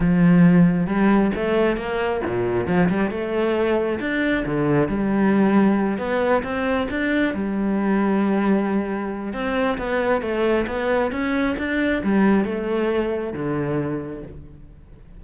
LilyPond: \new Staff \with { instrumentName = "cello" } { \time 4/4 \tempo 4 = 135 f2 g4 a4 | ais4 ais,4 f8 g8 a4~ | a4 d'4 d4 g4~ | g4. b4 c'4 d'8~ |
d'8 g2.~ g8~ | g4 c'4 b4 a4 | b4 cis'4 d'4 g4 | a2 d2 | }